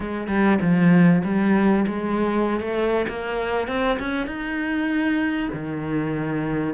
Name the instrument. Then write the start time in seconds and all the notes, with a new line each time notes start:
cello
0.00 G#3
0.27 G3
0.61 F3
1.24 G3
1.87 G#3
2.60 A3
3.08 A#3
3.67 C4
3.99 C#4
4.26 D#4
5.53 D#3